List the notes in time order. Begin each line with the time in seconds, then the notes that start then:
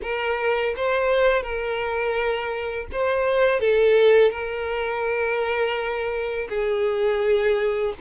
0.02 A#4
0.76 C5
1.42 A#4
2.91 C5
3.59 A4
4.31 A#4
6.49 G#4